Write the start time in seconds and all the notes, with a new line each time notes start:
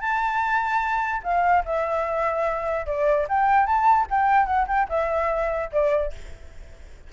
0.00 A5
1.23 F5
1.65 E5
2.86 D5
3.29 G5
3.66 A5
4.10 G5
4.46 F#5
4.67 G5
4.89 E5
5.72 D5